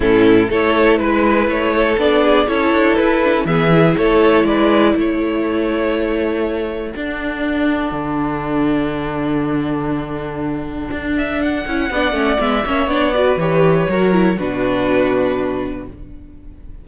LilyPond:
<<
  \new Staff \with { instrumentName = "violin" } { \time 4/4 \tempo 4 = 121 a'4 cis''4 b'4 cis''4 | d''4 cis''4 b'4 e''4 | cis''4 d''4 cis''2~ | cis''2 fis''2~ |
fis''1~ | fis''2~ fis''8 e''8 fis''4~ | fis''4 e''4 d''4 cis''4~ | cis''4 b'2. | }
  \new Staff \with { instrumentName = "violin" } { \time 4/4 e'4 a'4 b'4. a'8~ | a'8 gis'8 a'2 gis'4 | a'4 b'4 a'2~ | a'1~ |
a'1~ | a'1 | d''4. cis''4 b'4. | ais'4 fis'2. | }
  \new Staff \with { instrumentName = "viola" } { \time 4/4 cis'4 e'2. | d'4 e'4. d'16 cis'16 b8 e'8~ | e'1~ | e'2 d'2~ |
d'1~ | d'2.~ d'8 e'8 | d'8 cis'8 b8 cis'8 d'8 fis'8 g'4 | fis'8 e'8 d'2. | }
  \new Staff \with { instrumentName = "cello" } { \time 4/4 a,4 a4 gis4 a4 | b4 cis'8 d'8 e'4 e4 | a4 gis4 a2~ | a2 d'2 |
d1~ | d2 d'4. cis'8 | b8 a8 gis8 ais8 b4 e4 | fis4 b,2. | }
>>